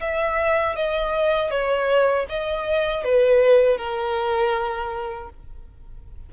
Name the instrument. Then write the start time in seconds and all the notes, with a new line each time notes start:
violin
0.00 E5
0.76 D#5
1.50 C#5
2.29 D#5
3.04 B4
3.77 A#4